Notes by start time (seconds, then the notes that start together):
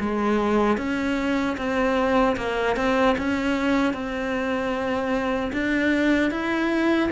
0.00 G#3
0.78 C#4
1.58 C4
2.37 A#3
2.77 C4
3.18 C#4
3.94 C4
5.53 D4
6.32 E4